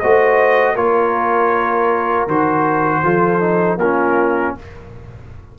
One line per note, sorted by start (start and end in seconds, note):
0.00 0.76 A3
0.00 0.76 F#4
0.00 0.74 C5
0.00 0.76 D#5
0.74 2.27 A#3
0.74 2.28 F4
0.74 3.02 A#4
0.74 2.28 C#5
2.27 3.03 D#3
2.27 3.03 F#4
2.27 3.79 C5
3.03 3.77 F3
3.03 3.40 F4
3.03 3.80 A4
3.40 3.78 D#4
3.77 4.53 A#3
3.77 4.56 F4
3.77 4.55 A#4
3.83 4.59 C#4